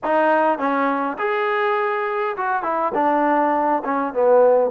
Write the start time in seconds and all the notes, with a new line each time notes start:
0.03 D#4
0.58 C#4
1.18 G#4
2.36 F#4
2.63 E4
2.94 D4
3.84 C#4
4.13 B3